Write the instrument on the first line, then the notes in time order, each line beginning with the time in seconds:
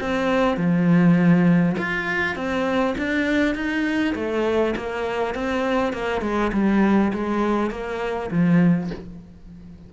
cello
0.00 C4
0.57 F3
1.78 F4
2.35 C4
2.98 D4
3.55 D#4
4.15 A3
4.76 A#3
5.35 C4
5.93 A#3
6.21 G#3
6.53 G3
7.13 G#3
7.70 A#3
8.31 F3